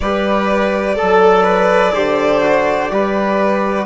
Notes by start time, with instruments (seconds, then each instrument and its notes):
0.00 bassoon G3, trombone G4, violin B4 D5
0.95 violin A4, trombone A4
1.02 bassoon F#3
1.43 violin B4
1.94 bassoon D3, trombone G4, violin C5
2.42 trombone F#4
2.90 bassoon G3, trombone G4, violin B4